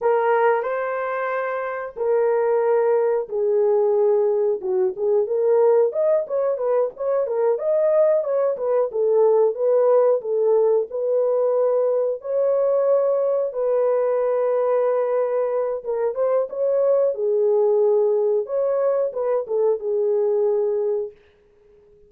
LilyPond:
\new Staff \with { instrumentName = "horn" } { \time 4/4 \tempo 4 = 91 ais'4 c''2 ais'4~ | ais'4 gis'2 fis'8 gis'8 | ais'4 dis''8 cis''8 b'8 cis''8 ais'8 dis''8~ | dis''8 cis''8 b'8 a'4 b'4 a'8~ |
a'8 b'2 cis''4.~ | cis''8 b'2.~ b'8 | ais'8 c''8 cis''4 gis'2 | cis''4 b'8 a'8 gis'2 | }